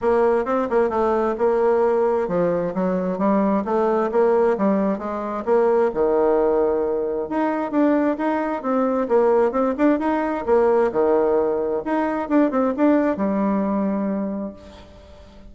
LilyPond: \new Staff \with { instrumentName = "bassoon" } { \time 4/4 \tempo 4 = 132 ais4 c'8 ais8 a4 ais4~ | ais4 f4 fis4 g4 | a4 ais4 g4 gis4 | ais4 dis2. |
dis'4 d'4 dis'4 c'4 | ais4 c'8 d'8 dis'4 ais4 | dis2 dis'4 d'8 c'8 | d'4 g2. | }